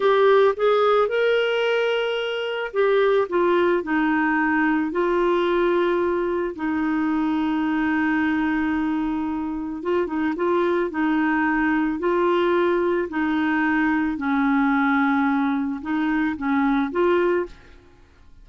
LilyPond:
\new Staff \with { instrumentName = "clarinet" } { \time 4/4 \tempo 4 = 110 g'4 gis'4 ais'2~ | ais'4 g'4 f'4 dis'4~ | dis'4 f'2. | dis'1~ |
dis'2 f'8 dis'8 f'4 | dis'2 f'2 | dis'2 cis'2~ | cis'4 dis'4 cis'4 f'4 | }